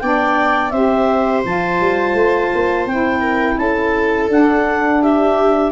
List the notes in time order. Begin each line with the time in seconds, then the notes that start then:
0.00 B3 D4 D5 G5
0.71 C4 G4 C5 E5
1.45 F3 F4 A5
1.81 G3
2.14 A3
2.54 A#3
2.86 C4 E4 G5
3.21 A#4
3.58 C#4 A4 A5
4.29 D4 F#5
5.03 G4 E5